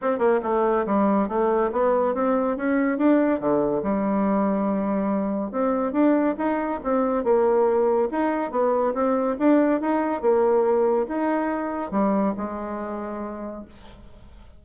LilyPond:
\new Staff \with { instrumentName = "bassoon" } { \time 4/4 \tempo 4 = 141 c'8 ais8 a4 g4 a4 | b4 c'4 cis'4 d'4 | d4 g2.~ | g4 c'4 d'4 dis'4 |
c'4 ais2 dis'4 | b4 c'4 d'4 dis'4 | ais2 dis'2 | g4 gis2. | }